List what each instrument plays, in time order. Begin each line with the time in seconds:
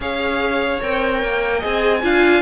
0.00 cello C#4, viola G#4, violin C#5 F5
0.80 cello C4, viola A#4, violin G5
1.22 cello A#3
1.58 cello C4, viola G#4, violin D#5
1.65 violin G#5
2.02 cello D4, viola F4, violin F5